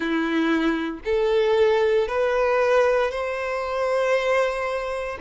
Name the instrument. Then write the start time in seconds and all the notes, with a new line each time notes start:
violin
0.00 E4
1.04 A4
2.08 B4
3.11 C5